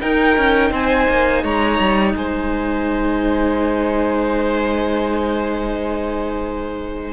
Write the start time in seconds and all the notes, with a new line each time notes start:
0.00 D#4 A#4 G5
0.37 C#4
0.71 C4 C5 G#5
1.09 A#3
1.43 G#3 C#5 A#5
1.79 G3
2.15 G#3 C5 G#5